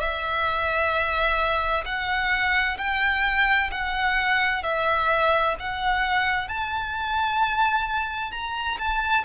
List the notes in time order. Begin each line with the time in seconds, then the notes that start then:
0.00 E5
1.85 F#5
2.78 G5
3.72 F#5
4.64 E5
5.60 F#5
6.49 A5
8.32 A#5
8.79 A5